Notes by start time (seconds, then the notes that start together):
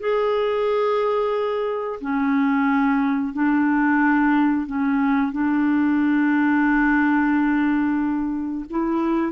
0.00 G#4
2.01 C#4
3.34 D4
4.67 C#4
5.33 D4
8.70 E4